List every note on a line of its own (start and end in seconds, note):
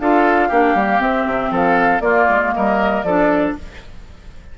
0.00 0.51 D4
0.00 0.52 F4
0.00 0.48 A4
0.00 1.02 F5
0.48 0.74 A#3
0.48 0.76 D4
0.48 1.50 G4
0.74 1.00 G3
0.74 0.99 A#3
0.99 2.01 C4
0.99 1.25 C4
0.99 1.52 E5
1.26 1.51 C3
1.51 2.00 F3
1.51 2.03 A4
1.51 2.01 F5
2.00 2.26 A#3
2.00 3.07 A#3
2.00 2.54 F4
2.00 2.52 D5
2.29 2.54 G#3
2.54 3.04 G3
2.54 3.06 A#4
2.54 3.03 D#5
3.03 3.55 F3
3.03 3.58 D4
3.03 3.56 A4
3.03 3.53 D5